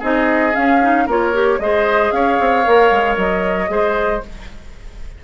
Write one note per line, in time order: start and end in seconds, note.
0.00 0.55 C4
0.00 0.53 D#4
0.00 1.05 G#4
0.00 0.56 D#5
0.53 0.79 C#4
0.53 1.07 C#4
0.53 1.08 F5
0.82 1.08 D#4
1.07 1.59 A#3
1.07 1.34 F4
1.07 1.59 A#4
1.07 1.60 C#5
1.34 1.60 G4
1.59 2.12 G#3
1.59 2.65 G#4
1.59 2.15 C5
1.59 2.12 D#5
2.12 2.38 C#4
2.12 3.71 C#5
2.12 3.17 F5
2.40 2.67 C4
2.65 2.92 A#3
2.65 3.68 A#4
2.92 3.17 G#3
3.17 3.69 F#3
3.17 4.23 D#5
3.68 4.22 G#3
3.68 4.21 G#4
3.68 4.24 C5